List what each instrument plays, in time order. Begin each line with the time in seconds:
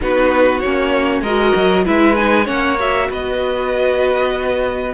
0.00 cello B3, viola D#4, violin F#4 B4
0.59 cello A#3, viola C#4, violin C#5
1.21 cello G#3, viola F#4, violin A#4 D#5
1.55 cello F#3
1.85 cello G#3, viola E4, violin B4 E5
2.16 viola D#4, violin G#5
2.45 cello A#3, viola C#4, violin C#5 F#5
2.79 viola F#4, violin E5
3.10 cello B3, violin B4 D#5